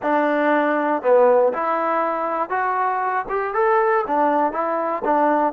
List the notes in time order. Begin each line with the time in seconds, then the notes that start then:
0.02 D4
1.02 B3
1.53 E4
2.49 F#4
3.29 G4
3.54 A4
4.07 D4
4.52 E4
5.04 D4